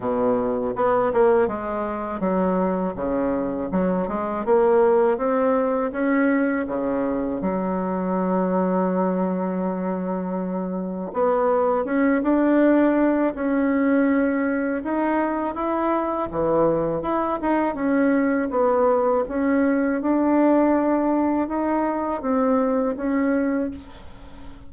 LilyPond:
\new Staff \with { instrumentName = "bassoon" } { \time 4/4 \tempo 4 = 81 b,4 b8 ais8 gis4 fis4 | cis4 fis8 gis8 ais4 c'4 | cis'4 cis4 fis2~ | fis2. b4 |
cis'8 d'4. cis'2 | dis'4 e'4 e4 e'8 dis'8 | cis'4 b4 cis'4 d'4~ | d'4 dis'4 c'4 cis'4 | }